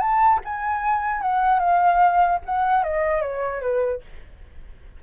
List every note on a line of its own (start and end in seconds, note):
0.00 0.40 A5
0.45 1.21 G#5
1.21 1.60 F#5
1.60 2.40 F5
2.45 2.83 F#5
2.83 3.21 D#5
3.21 3.61 C#5
3.61 4.01 B4